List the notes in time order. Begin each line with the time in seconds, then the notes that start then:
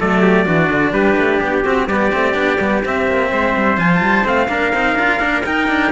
0.00 F#3 A3 A4 D5
0.22 G4
0.46 E3 D4 F#4
0.70 D3
0.93 G3 G4 B4
1.17 A3
1.40 B3 G4
1.64 C4 F#4
1.87 G3 B3 G4 D5
2.13 A3 C4
2.34 B3 D4
2.60 G3 B3
2.84 C4 E5
3.08 A#3
3.32 G#3 C5
3.57 G3
3.78 F3 F4 G#5
3.96 A5
4.02 G3
4.25 A3 C4 F5
4.49 A#3 D4 A#4
4.75 C4 D#4
4.96 D4 F4
5.20 A#3 D4
5.46 D#4 G5
5.68 D4